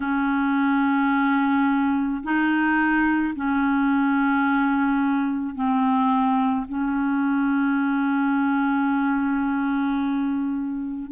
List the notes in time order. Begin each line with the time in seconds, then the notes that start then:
0.00 C#4
2.23 D#4
3.35 C#4
5.55 C4
6.68 C#4